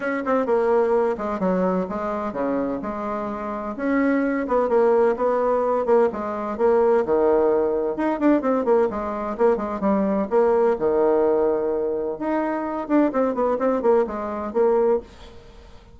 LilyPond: \new Staff \with { instrumentName = "bassoon" } { \time 4/4 \tempo 4 = 128 cis'8 c'8 ais4. gis8 fis4 | gis4 cis4 gis2 | cis'4. b8 ais4 b4~ | b8 ais8 gis4 ais4 dis4~ |
dis4 dis'8 d'8 c'8 ais8 gis4 | ais8 gis8 g4 ais4 dis4~ | dis2 dis'4. d'8 | c'8 b8 c'8 ais8 gis4 ais4 | }